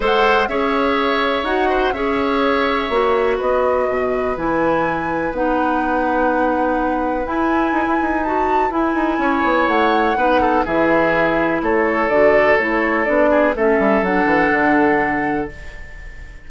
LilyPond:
<<
  \new Staff \with { instrumentName = "flute" } { \time 4/4 \tempo 4 = 124 fis''4 e''2 fis''4 | e''2. dis''4~ | dis''4 gis''2 fis''4~ | fis''2. gis''4~ |
gis''4 a''4 gis''2 | fis''2 e''2 | cis''4 d''4 cis''4 d''4 | e''4 fis''2. | }
  \new Staff \with { instrumentName = "oboe" } { \time 4/4 c''4 cis''2~ cis''8 c''8 | cis''2. b'4~ | b'1~ | b'1~ |
b'2. cis''4~ | cis''4 b'8 a'8 gis'2 | a'2.~ a'8 gis'8 | a'1 | }
  \new Staff \with { instrumentName = "clarinet" } { \time 4/4 a'4 gis'2 fis'4 | gis'2 fis'2~ | fis'4 e'2 dis'4~ | dis'2. e'4~ |
e'4 fis'4 e'2~ | e'4 dis'4 e'2~ | e'4 fis'4 e'4 d'4 | cis'4 d'2. | }
  \new Staff \with { instrumentName = "bassoon" } { \time 4/4 gis4 cis'2 dis'4 | cis'2 ais4 b4 | b,4 e2 b4~ | b2. e'4 |
dis'16 e'16 dis'4. e'8 dis'8 cis'8 b8 | a4 b4 e2 | a4 d4 a4 b4 | a8 g8 fis8 e8 d2 | }
>>